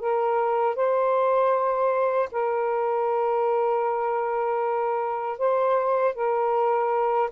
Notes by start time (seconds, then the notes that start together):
0.00 A#4
0.76 C5
2.32 A#4
5.39 C5
6.15 A#4